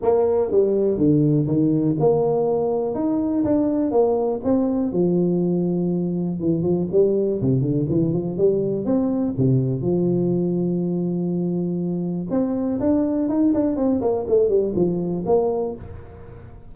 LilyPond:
\new Staff \with { instrumentName = "tuba" } { \time 4/4 \tempo 4 = 122 ais4 g4 d4 dis4 | ais2 dis'4 d'4 | ais4 c'4 f2~ | f4 e8 f8 g4 c8 d8 |
e8 f8 g4 c'4 c4 | f1~ | f4 c'4 d'4 dis'8 d'8 | c'8 ais8 a8 g8 f4 ais4 | }